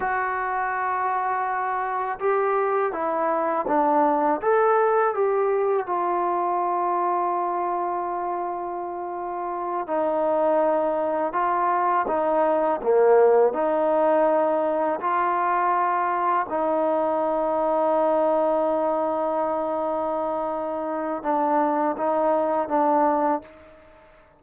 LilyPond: \new Staff \with { instrumentName = "trombone" } { \time 4/4 \tempo 4 = 82 fis'2. g'4 | e'4 d'4 a'4 g'4 | f'1~ | f'4. dis'2 f'8~ |
f'8 dis'4 ais4 dis'4.~ | dis'8 f'2 dis'4.~ | dis'1~ | dis'4 d'4 dis'4 d'4 | }